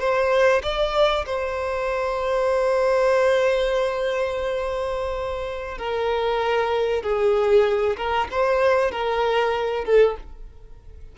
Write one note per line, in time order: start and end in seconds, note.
0.00 0.62 C5
0.63 1.26 D5
1.26 5.78 C5
5.78 7.03 A#4
7.03 7.97 G#4
7.97 8.28 A#4
8.32 8.91 C5
8.91 9.85 A#4
9.85 10.16 A4